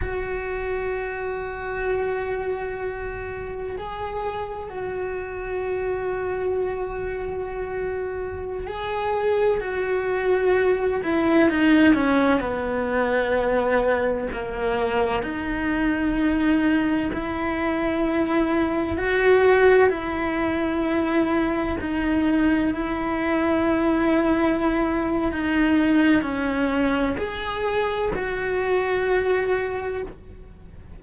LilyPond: \new Staff \with { instrumentName = "cello" } { \time 4/4 \tempo 4 = 64 fis'1 | gis'4 fis'2.~ | fis'4~ fis'16 gis'4 fis'4. e'16~ | e'16 dis'8 cis'8 b2 ais8.~ |
ais16 dis'2 e'4.~ e'16~ | e'16 fis'4 e'2 dis'8.~ | dis'16 e'2~ e'8. dis'4 | cis'4 gis'4 fis'2 | }